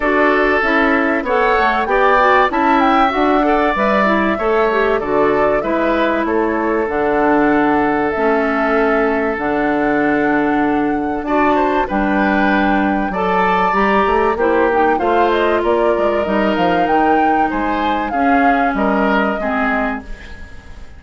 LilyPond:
<<
  \new Staff \with { instrumentName = "flute" } { \time 4/4 \tempo 4 = 96 d''4 e''4 fis''4 g''4 | a''8 g''8 fis''4 e''2 | d''4 e''4 cis''4 fis''4~ | fis''4 e''2 fis''4~ |
fis''2 a''4 g''4~ | g''4 a''4 ais''4 c''8 g''8 | f''8 dis''8 d''4 dis''8 f''8 g''4 | gis''4 f''4 dis''2 | }
  \new Staff \with { instrumentName = "oboe" } { \time 4/4 a'2 cis''4 d''4 | e''4. d''4. cis''4 | a'4 b'4 a'2~ | a'1~ |
a'2 d''8 c''8 b'4~ | b'4 d''2 g'4 | c''4 ais'2. | c''4 gis'4 ais'4 gis'4 | }
  \new Staff \with { instrumentName = "clarinet" } { \time 4/4 fis'4 e'4 a'4 g'8 fis'8 | e'4 fis'8 a'8 b'8 e'8 a'8 g'8 | fis'4 e'2 d'4~ | d'4 cis'2 d'4~ |
d'2 fis'4 d'4~ | d'4 a'4 g'4 e'8 dis'8 | f'2 dis'2~ | dis'4 cis'2 c'4 | }
  \new Staff \with { instrumentName = "bassoon" } { \time 4/4 d'4 cis'4 b8 a8 b4 | cis'4 d'4 g4 a4 | d4 gis4 a4 d4~ | d4 a2 d4~ |
d2 d'4 g4~ | g4 fis4 g8 a8 ais4 | a4 ais8 gis8 g8 f8 dis4 | gis4 cis'4 g4 gis4 | }
>>